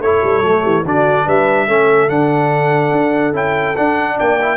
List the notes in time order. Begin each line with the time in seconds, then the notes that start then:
0.00 A3 E4 A4 C#5
0.23 G3
0.42 F#3 A3
0.62 E3 G4
0.84 D3 D4 F#4 D5
1.26 G3 B4 E5
1.67 A3 C#4 A4
2.09 D3 D4 F#5
2.92 D4
3.33 C#4 E4 G5
3.77 D4 F#5
4.16 A#3 D5 G5
4.42 E4